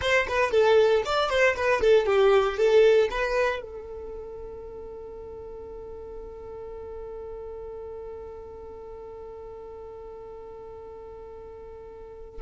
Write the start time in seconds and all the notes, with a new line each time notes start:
0.01 C5
0.28 B4
0.51 A4
1.05 D5
1.29 C5
1.55 B4
1.81 A4
2.06 G4
2.57 A4
3.10 B4
3.61 A4